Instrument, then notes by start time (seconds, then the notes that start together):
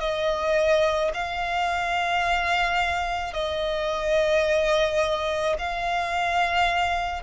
violin
0.00 D#5
1.14 F5
3.34 D#5
5.59 F5